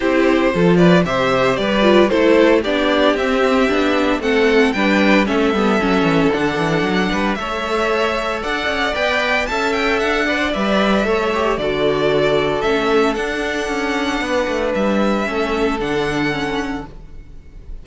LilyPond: <<
  \new Staff \with { instrumentName = "violin" } { \time 4/4 \tempo 4 = 114 c''4. d''8 e''4 d''4 | c''4 d''4 e''2 | fis''4 g''4 e''2 | fis''2 e''2 |
fis''4 g''4 a''8 g''8 fis''4 | e''2 d''2 | e''4 fis''2. | e''2 fis''2 | }
  \new Staff \with { instrumentName = "violin" } { \time 4/4 g'4 a'8 b'8 c''4 b'4 | a'4 g'2. | a'4 b'4 a'2~ | a'4. b'8 cis''2 |
d''2 e''4. d''8~ | d''4 cis''4 a'2~ | a'2. b'4~ | b'4 a'2. | }
  \new Staff \with { instrumentName = "viola" } { \time 4/4 e'4 f'4 g'4. f'8 | e'4 d'4 c'4 d'4 | c'4 d'4 cis'8 b8 cis'4 | d'2 a'2~ |
a'4 b'4 a'4. b'16 c''16 | b'4 a'8 g'8 fis'2 | cis'4 d'2.~ | d'4 cis'4 d'4 cis'4 | }
  \new Staff \with { instrumentName = "cello" } { \time 4/4 c'4 f4 c4 g4 | a4 b4 c'4 b4 | a4 g4 a8 g8 fis8 e8 | d8 e8 fis8 g8 a2 |
d'8 cis'8 b4 cis'4 d'4 | g4 a4 d2 | a4 d'4 cis'4 b8 a8 | g4 a4 d2 | }
>>